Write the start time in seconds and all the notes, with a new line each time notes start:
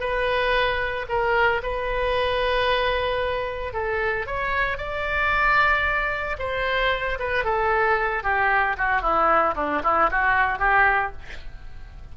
0.00 B4
1.09 A#4
1.63 B4
3.73 A4
4.26 C#5
4.78 D5
6.39 C5
7.19 B4
7.44 A4
8.23 G4
8.78 F#4
9.01 E4
9.56 D4
9.84 E4
10.11 F#4
10.59 G4